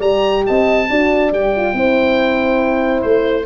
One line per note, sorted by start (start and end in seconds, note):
0.00 0.43 G3
0.00 0.87 G4
0.00 0.44 D5
0.00 0.45 A#5
0.46 0.90 C4
0.46 0.90 D#5
0.46 1.33 A5
0.90 1.32 D4
0.90 1.33 F#4
0.90 1.77 D5
1.32 1.74 G3
1.32 1.55 G4
1.32 3.02 G5
1.57 1.74 F4
1.74 3.04 C4
1.74 3.46 E4
1.74 3.46 C5
3.02 3.46 A3
3.02 3.45 C5